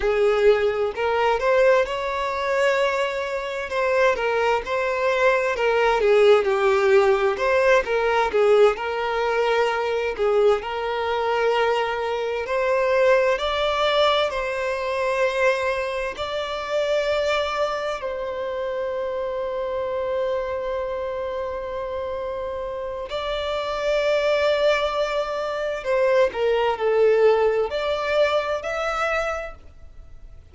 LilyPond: \new Staff \with { instrumentName = "violin" } { \time 4/4 \tempo 4 = 65 gis'4 ais'8 c''8 cis''2 | c''8 ais'8 c''4 ais'8 gis'8 g'4 | c''8 ais'8 gis'8 ais'4. gis'8 ais'8~ | ais'4. c''4 d''4 c''8~ |
c''4. d''2 c''8~ | c''1~ | c''4 d''2. | c''8 ais'8 a'4 d''4 e''4 | }